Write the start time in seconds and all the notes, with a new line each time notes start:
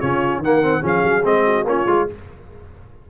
0.00 C#3 C#4 F4 C#5
0.38 D#3 A#3 A#4 F#5
0.62 C4
0.80 F3 C#4 G#4
0.86 F5
1.04 F#3
1.24 G#3 C4 D#5
1.47 F#4
1.64 A#3 C#4 F4 C#5
1.86 G#3 F4